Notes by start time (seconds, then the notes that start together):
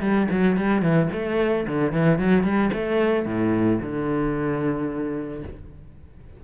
0.00 G3
0.30 F#3
0.56 G3
0.81 E3
1.12 A3
1.67 D3
1.92 E3
2.18 F#3
2.43 G3
2.73 A3
3.25 A2
3.81 D3